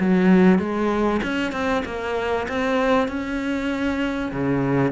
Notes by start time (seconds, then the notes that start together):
0.00 F#3
0.59 G#3
1.23 C#4
1.52 C4
1.85 A#3
2.49 C4
3.08 C#4
4.32 C#3